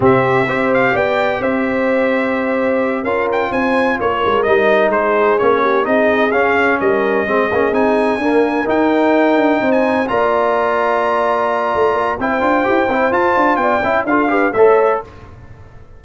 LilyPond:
<<
  \new Staff \with { instrumentName = "trumpet" } { \time 4/4 \tempo 4 = 128 e''4. f''8 g''4 e''4~ | e''2~ e''8 f''8 g''8 gis''8~ | gis''8 cis''4 dis''4 c''4 cis''8~ | cis''8 dis''4 f''4 dis''4.~ |
dis''8 gis''2 g''4.~ | g''8. gis''8. ais''2~ ais''8~ | ais''2 g''2 | a''4 g''4 f''4 e''4 | }
  \new Staff \with { instrumentName = "horn" } { \time 4/4 g'4 c''4 d''4 c''4~ | c''2~ c''8 ais'4 c''8~ | c''8 ais'2 gis'4. | g'8 gis'2 ais'4 gis'8~ |
gis'4. ais'2~ ais'8~ | ais'8 c''4 d''2~ d''8~ | d''2 c''2~ | c''4 d''8 e''8 a'8 b'8 cis''4 | }
  \new Staff \with { instrumentName = "trombone" } { \time 4/4 c'4 g'2.~ | g'2~ g'8 f'4.~ | f'4. dis'2 cis'8~ | cis'8 dis'4 cis'2 c'8 |
cis'8 dis'4 ais4 dis'4.~ | dis'4. f'2~ f'8~ | f'2 e'8 f'8 g'8 e'8 | f'4. e'8 f'8 g'8 a'4 | }
  \new Staff \with { instrumentName = "tuba" } { \time 4/4 c4 c'4 b4 c'4~ | c'2~ c'8 cis'4 c'8~ | c'8 ais8 gis8 g4 gis4 ais8~ | ais8 c'4 cis'4 g4 gis8 |
ais8 c'4 d'4 dis'4. | d'8 c'4 ais2~ ais8~ | ais4 a8 ais8 c'8 d'8 e'8 c'8 | f'8 d'8 b8 cis'8 d'4 a4 | }
>>